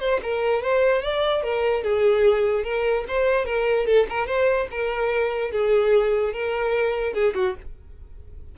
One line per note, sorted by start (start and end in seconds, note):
0.00 0.20 C5
0.23 0.63 A#4
0.63 1.02 C5
1.02 1.43 D5
1.43 1.84 A#4
1.84 2.64 G#4
2.64 3.05 A#4
3.08 3.46 C5
3.46 3.87 A#4
3.87 4.07 A4
4.10 4.27 A#4
4.27 4.68 C5
4.71 5.52 A#4
5.52 6.33 G#4
6.33 7.14 A#4
7.14 7.34 G#4
7.35 7.55 F#4